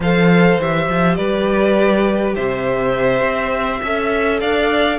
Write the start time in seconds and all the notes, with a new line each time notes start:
0.00 F3 A4 C5 F5
0.58 E3 G4 E5
0.89 F3
1.15 G3 B4 D5
2.35 C3 C5 E5
3.21 C4
3.81 C#4 A4 E5
4.40 D4 D5 F5